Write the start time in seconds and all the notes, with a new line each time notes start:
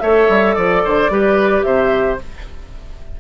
0.00 A3 A4 C#5 E5
0.29 G3
0.54 F3 D5
0.84 D3 C5
1.10 G3 G4 B4
1.63 C3 C5 E5